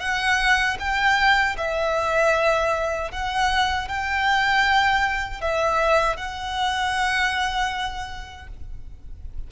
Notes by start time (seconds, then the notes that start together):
0.00 F#5
0.79 G5
1.57 E5
3.12 F#5
3.88 G5
5.41 E5
6.16 F#5